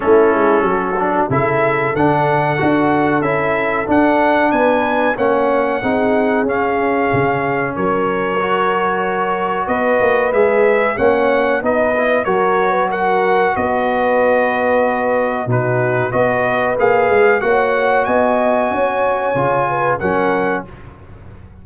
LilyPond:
<<
  \new Staff \with { instrumentName = "trumpet" } { \time 4/4 \tempo 4 = 93 a'2 e''4 fis''4~ | fis''4 e''4 fis''4 gis''4 | fis''2 f''2 | cis''2. dis''4 |
e''4 fis''4 dis''4 cis''4 | fis''4 dis''2. | b'4 dis''4 f''4 fis''4 | gis''2. fis''4 | }
  \new Staff \with { instrumentName = "horn" } { \time 4/4 e'4 fis'4 a'2~ | a'2. b'4 | cis''4 gis'2. | ais'2. b'4~ |
b'4 cis''4 b'4 ais'8. b'16 | ais'4 b'2. | fis'4 b'2 cis''4 | dis''4 cis''4. b'8 ais'4 | }
  \new Staff \with { instrumentName = "trombone" } { \time 4/4 cis'4. d'8 e'4 d'4 | fis'4 e'4 d'2 | cis'4 dis'4 cis'2~ | cis'4 fis'2. |
gis'4 cis'4 dis'8 e'8 fis'4~ | fis'1 | dis'4 fis'4 gis'4 fis'4~ | fis'2 f'4 cis'4 | }
  \new Staff \with { instrumentName = "tuba" } { \time 4/4 a8 gis8 fis4 cis4 d4 | d'4 cis'4 d'4 b4 | ais4 c'4 cis'4 cis4 | fis2. b8 ais8 |
gis4 ais4 b4 fis4~ | fis4 b2. | b,4 b4 ais8 gis8 ais4 | b4 cis'4 cis4 fis4 | }
>>